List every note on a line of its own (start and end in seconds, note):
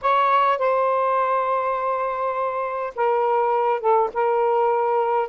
0.01 0.58 C#5
0.58 2.93 C5
2.95 3.80 A#4
3.80 4.09 A4
4.13 5.29 A#4